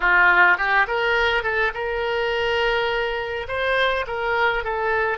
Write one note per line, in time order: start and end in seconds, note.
0.00 0.57 F4
0.57 0.86 G4
0.87 1.43 A#4
1.43 1.72 A4
1.74 3.47 A#4
3.47 4.05 C5
4.07 4.63 A#4
4.63 5.18 A4